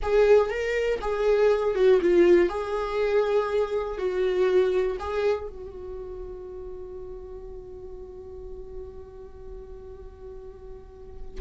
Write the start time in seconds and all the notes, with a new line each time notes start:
0.02 G#4
0.50 A#4
1.01 G#4
1.75 F#4
2.01 F4
2.49 G#4
3.98 F#4
4.99 G#4
5.48 F#4